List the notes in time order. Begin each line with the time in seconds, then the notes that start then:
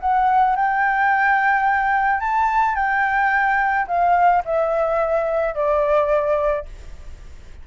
0.00 F#5
0.56 G5
2.20 A5
2.75 G5
3.87 F5
4.45 E5
5.54 D5